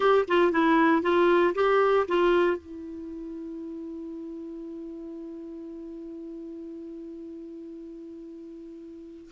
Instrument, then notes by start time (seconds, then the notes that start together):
clarinet
0.00 G4
0.28 F4
0.52 E4
1.02 F4
1.54 G4
2.08 F4
2.57 E4